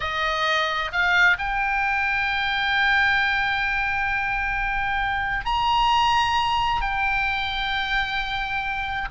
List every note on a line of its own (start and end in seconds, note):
0.00 0.91 D#5
0.92 1.37 F5
1.38 5.45 G5
5.45 6.81 A#5
6.81 9.08 G5